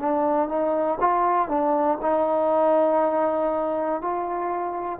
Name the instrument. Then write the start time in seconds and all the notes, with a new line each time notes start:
trombone
0.00 D4
0.49 D#4
1.01 F4
1.49 D4
2.02 D#4
4.01 F4